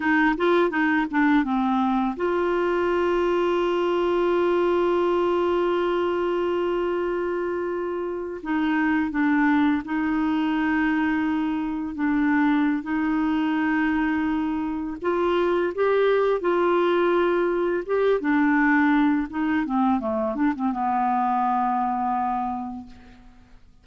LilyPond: \new Staff \with { instrumentName = "clarinet" } { \time 4/4 \tempo 4 = 84 dis'8 f'8 dis'8 d'8 c'4 f'4~ | f'1~ | f'2.~ f'8. dis'16~ | dis'8. d'4 dis'2~ dis'16~ |
dis'8. d'4~ d'16 dis'2~ | dis'4 f'4 g'4 f'4~ | f'4 g'8 d'4. dis'8 c'8 | a8 d'16 c'16 b2. | }